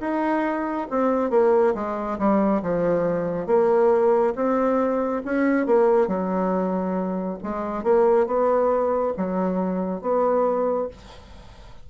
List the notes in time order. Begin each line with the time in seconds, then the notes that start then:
0.00 D#4
0.90 C4
1.30 A#3
1.74 G#3
2.18 G3
2.62 F3
3.47 A#3
4.35 C4
5.25 C#4
5.66 A#3
6.07 F#3
7.43 G#3
7.83 A#3
8.26 B3
9.17 F#3
10.01 B3